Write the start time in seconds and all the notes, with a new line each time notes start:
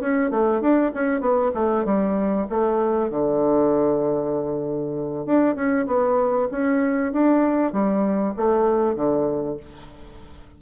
0.00 C#4
0.31 A3
0.61 D4
0.94 C#4
1.21 B3
1.54 A3
1.85 G3
2.49 A3
3.10 D3
5.26 D4
5.55 C#4
5.87 B3
6.51 C#4
7.13 D4
7.72 G3
8.37 A3
8.95 D3